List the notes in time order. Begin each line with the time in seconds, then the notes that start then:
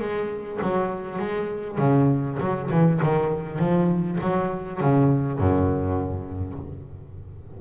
0.00 G#3
0.62 F#3
1.19 G#3
1.78 C#3
2.40 F#3
2.71 E3
3.03 D#3
3.59 F3
4.21 F#3
4.81 C#3
5.39 F#2